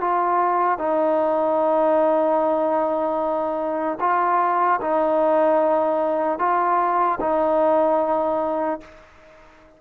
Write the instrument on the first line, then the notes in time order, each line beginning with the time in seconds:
trombone
0.00 F4
0.78 D#4
4.00 F4
4.81 D#4
6.38 F4
7.20 D#4